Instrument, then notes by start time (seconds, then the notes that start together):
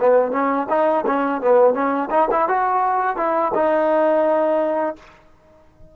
trombone
0.00 B3
0.31 C#4
0.69 D#4
1.07 C#4
1.41 B3
1.74 C#4
2.10 D#4
2.31 E4
2.48 F#4
3.17 E4
3.54 D#4